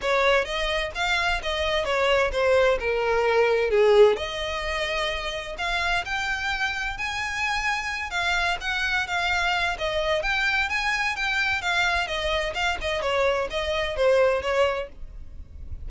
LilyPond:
\new Staff \with { instrumentName = "violin" } { \time 4/4 \tempo 4 = 129 cis''4 dis''4 f''4 dis''4 | cis''4 c''4 ais'2 | gis'4 dis''2. | f''4 g''2 gis''4~ |
gis''4. f''4 fis''4 f''8~ | f''4 dis''4 g''4 gis''4 | g''4 f''4 dis''4 f''8 dis''8 | cis''4 dis''4 c''4 cis''4 | }